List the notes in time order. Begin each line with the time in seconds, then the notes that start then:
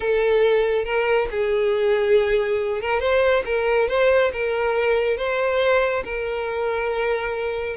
0.00 A4
0.85 A#4
1.31 G#4
2.81 A#4
3.00 C5
3.45 A#4
3.88 C5
4.33 A#4
5.17 C5
6.04 A#4